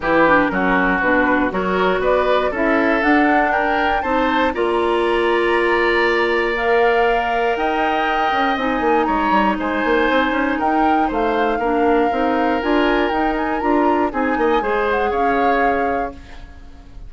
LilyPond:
<<
  \new Staff \with { instrumentName = "flute" } { \time 4/4 \tempo 4 = 119 b'4 ais'4 b'4 cis''4 | d''4 e''4 fis''4 g''4 | a''4 ais''2.~ | ais''4 f''2 g''4~ |
g''4 gis''4 ais''4 gis''4~ | gis''4 g''4 f''2~ | f''4 gis''4 g''8 gis''8 ais''4 | gis''4. fis''8 f''2 | }
  \new Staff \with { instrumentName = "oboe" } { \time 4/4 g'4 fis'2 ais'4 | b'4 a'2 ais'4 | c''4 d''2.~ | d''2. dis''4~ |
dis''2 cis''4 c''4~ | c''4 ais'4 c''4 ais'4~ | ais'1 | gis'8 dis''8 c''4 cis''2 | }
  \new Staff \with { instrumentName = "clarinet" } { \time 4/4 e'8 d'8 cis'4 d'4 fis'4~ | fis'4 e'4 d'2 | dis'4 f'2.~ | f'4 ais'2.~ |
ais'4 dis'2.~ | dis'2. d'4 | dis'4 f'4 dis'4 f'4 | dis'4 gis'2. | }
  \new Staff \with { instrumentName = "bassoon" } { \time 4/4 e4 fis4 b,4 fis4 | b4 cis'4 d'2 | c'4 ais2.~ | ais2. dis'4~ |
dis'8 cis'8 c'8 ais8 gis8 g8 gis8 ais8 | c'8 cis'8 dis'4 a4 ais4 | c'4 d'4 dis'4 d'4 | c'8 ais8 gis4 cis'2 | }
>>